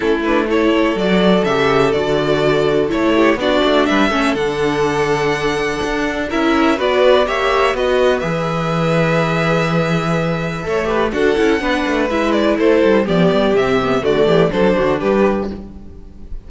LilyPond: <<
  \new Staff \with { instrumentName = "violin" } { \time 4/4 \tempo 4 = 124 a'8 b'8 cis''4 d''4 e''4 | d''2 cis''4 d''4 | e''4 fis''2.~ | fis''4 e''4 d''4 e''4 |
dis''4 e''2.~ | e''2. fis''4~ | fis''4 e''8 d''8 c''4 d''4 | e''4 d''4 c''4 b'4 | }
  \new Staff \with { instrumentName = "violin" } { \time 4/4 e'4 a'2.~ | a'2~ a'8 g'8 fis'4 | b'8 a'2.~ a'8~ | a'4 ais'4 b'4 cis''4 |
b'1~ | b'2 cis''8 b'8 a'4 | b'2 a'4 g'4~ | g'4 fis'8 g'8 a'8 fis'8 g'4 | }
  \new Staff \with { instrumentName = "viola" } { \time 4/4 cis'8 d'8 e'4 fis'4 g'4 | fis'2 e'4 d'4~ | d'8 cis'8 d'2.~ | d'4 e'4 fis'4 g'4 |
fis'4 gis'2.~ | gis'2 a'8 g'8 fis'8 e'8 | d'4 e'2 b4 | c'8 b8 a4 d'2 | }
  \new Staff \with { instrumentName = "cello" } { \time 4/4 a2 fis4 cis4 | d2 a4 b8 a8 | g8 a8 d2. | d'4 cis'4 b4 ais4 |
b4 e2.~ | e2 a4 d'8 cis'8 | b8 a8 gis4 a8 g8 f8 g8 | c4 d8 e8 fis8 d8 g4 | }
>>